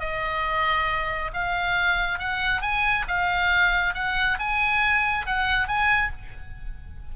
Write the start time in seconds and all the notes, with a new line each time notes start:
0.00 D#5
1.33 F5
2.19 F#5
2.62 G#5
3.08 F5
3.94 F#5
4.39 G#5
5.27 F#5
5.68 G#5